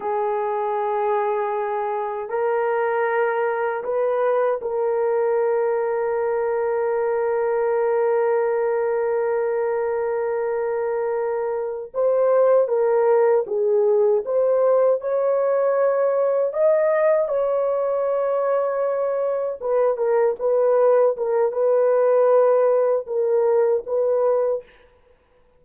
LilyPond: \new Staff \with { instrumentName = "horn" } { \time 4/4 \tempo 4 = 78 gis'2. ais'4~ | ais'4 b'4 ais'2~ | ais'1~ | ais'2.~ ais'8 c''8~ |
c''8 ais'4 gis'4 c''4 cis''8~ | cis''4. dis''4 cis''4.~ | cis''4. b'8 ais'8 b'4 ais'8 | b'2 ais'4 b'4 | }